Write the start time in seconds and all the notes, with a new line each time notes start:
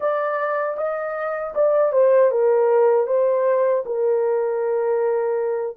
0.00 D5
0.77 D#5
1.54 D5
1.92 C5
2.31 A#4
3.07 C5
3.85 A#4